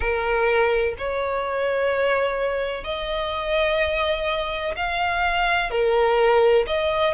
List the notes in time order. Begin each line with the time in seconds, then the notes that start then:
0.00 A#4
0.98 C#5
2.84 D#5
4.76 F5
5.70 A#4
6.66 D#5